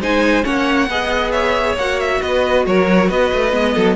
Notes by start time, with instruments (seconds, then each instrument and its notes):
0.00 cello G#3, viola D#4, violin C5 G#5
0.43 cello A#3, viola C#4, violin C#5 F#5
0.88 cello B3, viola G#4, violin D#5
1.32 violin C#5 E5
1.76 cello A#3, viola F#4, violin F#5
2.00 violin E5
2.22 cello B3, violin B4 D#5
2.67 cello F#3, violin A#4 C#5
3.10 cello B3, violin B4 D#5
3.33 cello A3
3.52 cello G#3, viola B3
3.74 cello F#3, violin A4